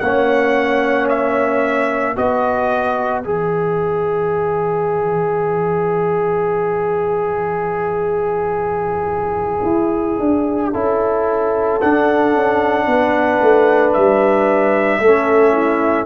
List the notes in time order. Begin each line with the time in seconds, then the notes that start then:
0.00 A#3 C#4 C#5 F#5
1.08 E5
2.16 B3 F#4 B4 D#5
3.20 E3 G#4 E5
9.65 E4
10.20 D4
10.71 C#4 E4 A4
11.81 D4 F#5
12.34 C#4
12.86 B3 B4
13.41 A3
13.93 G3 E5
15.00 A3 C#4 A4
15.52 E4